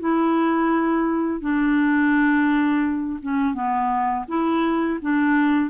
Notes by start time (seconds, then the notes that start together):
0.00 E4
1.41 D4
3.22 C#4
3.54 B3
4.29 E4
5.02 D4